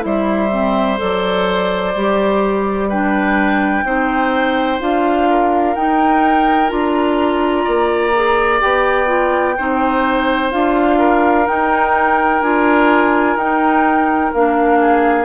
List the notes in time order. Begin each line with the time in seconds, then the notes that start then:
0.00 G3 E4 C5 E5
0.51 C4
0.97 F#3 A4 D5
1.95 G3 G4
2.88 D4 B4 G5
3.84 C4 D#4 C5
4.80 D4 F4 F5
5.30 A#4
5.75 D#4 G5
6.68 D4 F4 A#5
7.64 A#3 D5
8.14 G#4
8.60 B3 G4 G5
9.07 F4
9.57 C4 D#4 C5
10.51 D4 F4 F5
10.98 A#4
11.45 D#4 G5
12.41 D4 F4 G#5
13.36 D#4 G5
14.33 A#3 D4 F5
14.80 G#4